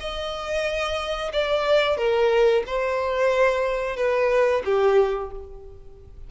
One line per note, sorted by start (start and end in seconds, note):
0.00 1.32 D#5
1.33 1.98 D5
1.98 2.63 A#4
2.66 3.97 C5
3.97 4.62 B4
4.65 5.31 G4